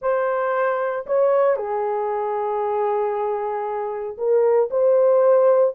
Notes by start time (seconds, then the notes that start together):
0.01 C5
1.06 C#5
1.56 G#4
4.17 A#4
4.70 C5